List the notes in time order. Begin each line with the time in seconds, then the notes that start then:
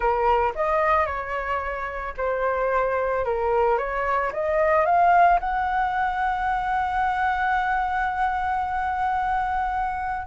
0.00 A#4
0.55 D#5
1.05 C#5
2.17 C5
3.24 A#4
3.78 C#5
4.32 D#5
4.85 F5
5.40 F#5